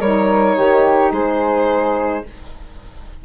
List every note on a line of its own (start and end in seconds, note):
0.00 0.56 G3
0.00 2.25 D#4
0.00 0.56 A#4
0.00 1.12 C#5
0.57 1.12 D#3
0.57 1.12 G4
1.12 2.23 G#3
1.12 2.24 G#4
1.12 2.25 C5